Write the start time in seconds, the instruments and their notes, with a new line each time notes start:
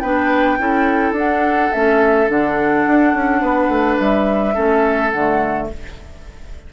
0.00 bassoon B3, clarinet D4, oboe B4, flute G5
0.58 bassoon C#4, clarinet E4, oboe A4
1.12 bassoon D4, clarinet D4, flute F#5
1.72 bassoon A3, clarinet C#4, flute E5
2.28 bassoon D3, clarinet D4, flute F#5
2.86 bassoon D4
3.14 bassoon C#4
3.41 bassoon B3, oboe B4
3.68 bassoon A3
3.99 bassoon G3, flute E5
4.54 bassoon A3, clarinet C#4, oboe A4
5.10 bassoon D3, flute F#5
5.17 clarinet A3